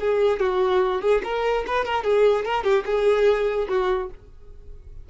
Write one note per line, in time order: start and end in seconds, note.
0.00 0.39 G#4
0.39 1.01 F#4
1.01 1.22 G#4
1.24 1.65 A#4
1.67 1.85 B4
1.85 2.04 A#4
2.04 2.45 G#4
2.45 2.64 A#4
2.64 2.84 G4
2.86 3.68 G#4
3.68 4.09 F#4